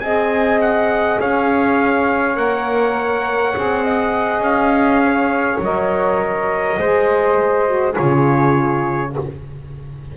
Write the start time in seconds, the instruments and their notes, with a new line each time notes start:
0.00 double bass C4, saxophone G#4, flute D#5, trumpet G#5
0.61 trumpet F#5
1.20 double bass C#4, flute C#5, trumpet F5
2.35 double bass A#3, saxophone A#4, trumpet F#5
3.55 double bass C4, saxophone G#4
3.83 flute D#5
4.40 double bass C#4, trumpet F5
5.05 flute C#5
5.60 double bass F#3, saxophone A#4, trumpet D#5
6.79 double bass G#3, saxophone G#4, flute C5
7.67 saxophone F#4
7.93 saxophone F4, flute G#4, trumpet C#5
7.99 double bass C#3